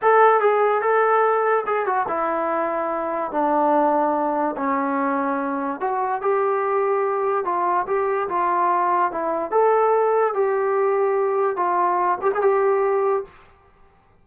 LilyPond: \new Staff \with { instrumentName = "trombone" } { \time 4/4 \tempo 4 = 145 a'4 gis'4 a'2 | gis'8 fis'8 e'2. | d'2. cis'4~ | cis'2 fis'4 g'4~ |
g'2 f'4 g'4 | f'2 e'4 a'4~ | a'4 g'2. | f'4. g'16 gis'16 g'2 | }